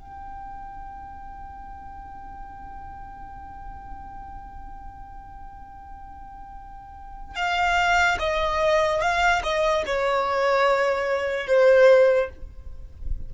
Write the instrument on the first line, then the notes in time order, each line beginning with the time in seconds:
violin
0.00 G5
7.36 F5
8.20 D#5
9.01 F5
9.43 D#5
9.87 C#5
11.48 C5